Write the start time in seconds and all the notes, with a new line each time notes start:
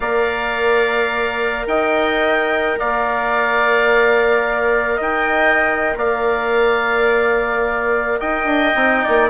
0.00 A#3 A#4 D5 F5
1.66 D#4 D#5 G5
2.79 A#3 D5 F5
4.96 D#4 D#5 G5
5.96 A#3 D5 F5
8.20 D#4 D#5 G5
8.44 D4
8.75 C4 D#4
9.03 A#3 D5